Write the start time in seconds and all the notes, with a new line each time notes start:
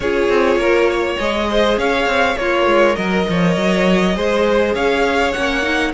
0.00 C#4 F4 G#4 C#5
0.29 C4
0.56 A#3 A#4
0.89 C#5
1.18 G#3 G#4 D#5
1.50 C5
1.77 C#4 C#5 F5
2.06 C4
2.37 A#3 F4 A#4 C#5
2.66 G#3
2.95 F#3 A#4 D#5
3.28 F3 C#5
3.56 F#3
4.15 G#3 G#4 C5
4.74 C#4 C#5 F5
5.32 A#3 C#4 F#5
5.62 D#4